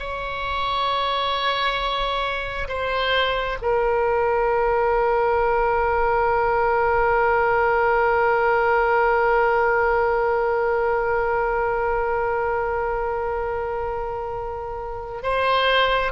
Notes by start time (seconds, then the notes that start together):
0.00 C#5
2.69 C5
3.62 A#4
15.23 C5